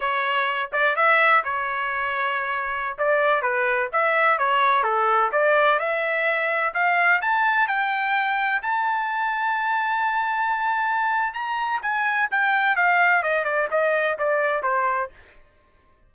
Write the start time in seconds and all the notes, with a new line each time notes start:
0.00 C#5
0.72 D5
0.96 E5
1.43 C#5
2.98 D5
3.42 B4
3.92 E5
4.38 C#5
4.83 A4
5.32 D5
5.79 E5
6.73 F5
7.21 A5
7.67 G5
8.62 A5
11.33 A#5
11.82 G#5
12.30 G5
12.76 F5
13.22 D#5
13.44 D5
13.71 D#5
14.18 D5
14.63 C5